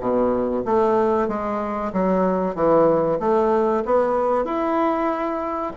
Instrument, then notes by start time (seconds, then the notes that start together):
bassoon
0.00 B2
0.65 A3
1.28 G#3
1.93 F#3
2.55 E3
3.20 A3
3.85 B3
4.45 E4